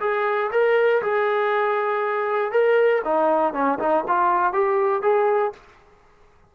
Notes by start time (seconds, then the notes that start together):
0.00 G#4
0.51 A#4
1.02 G#4
2.52 A#4
3.04 D#4
3.53 C#4
3.79 D#4
4.07 F4
4.53 G4
5.02 G#4